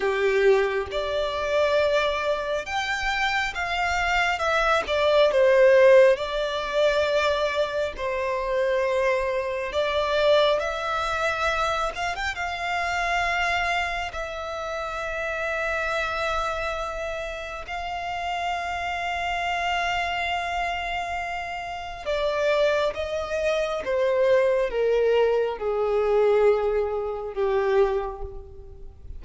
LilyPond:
\new Staff \with { instrumentName = "violin" } { \time 4/4 \tempo 4 = 68 g'4 d''2 g''4 | f''4 e''8 d''8 c''4 d''4~ | d''4 c''2 d''4 | e''4. f''16 g''16 f''2 |
e''1 | f''1~ | f''4 d''4 dis''4 c''4 | ais'4 gis'2 g'4 | }